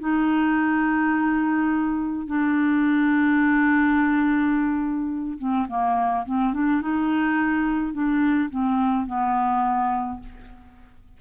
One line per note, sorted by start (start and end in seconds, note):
0.00 2.26 D#4
2.26 5.38 D4
5.38 5.67 C4
5.68 6.25 A#3
6.25 6.53 C4
6.53 6.81 D4
6.81 7.93 D#4
7.93 8.50 D4
8.50 9.07 C4
9.07 10.20 B3